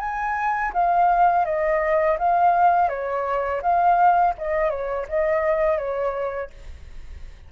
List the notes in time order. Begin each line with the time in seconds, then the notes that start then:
0.00 G#5
0.73 F5
1.46 D#5
2.19 F5
2.89 C#5
3.62 F5
4.38 D#5
4.71 C#5
5.09 D#5
5.78 C#5